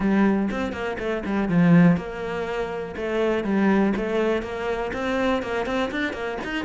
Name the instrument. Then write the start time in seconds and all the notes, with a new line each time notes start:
cello
0.00 G3
0.51 C4
0.72 A#3
0.98 A3
1.25 G3
1.48 F3
1.96 A#3
2.96 A3
3.43 G3
3.96 A3
4.42 A#3
4.93 C4
5.42 A#3
5.66 C4
5.91 D4
6.13 A#3
6.44 D#4